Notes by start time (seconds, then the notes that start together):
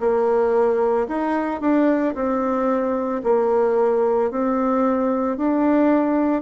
0.00 A#3
1.08 D#4
1.61 D4
2.14 C4
3.24 A#3
4.31 C4
5.37 D4